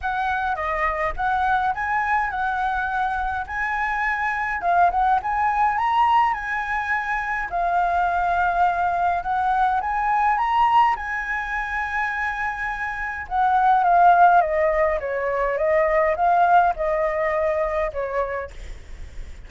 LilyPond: \new Staff \with { instrumentName = "flute" } { \time 4/4 \tempo 4 = 104 fis''4 dis''4 fis''4 gis''4 | fis''2 gis''2 | f''8 fis''8 gis''4 ais''4 gis''4~ | gis''4 f''2. |
fis''4 gis''4 ais''4 gis''4~ | gis''2. fis''4 | f''4 dis''4 cis''4 dis''4 | f''4 dis''2 cis''4 | }